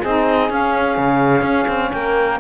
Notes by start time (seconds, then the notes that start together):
0.00 C4 G#4 D#5
0.06 D#4
0.50 C#4 F5
0.97 C#3
1.42 C#4
1.68 C4
1.92 A#3 A#4 G5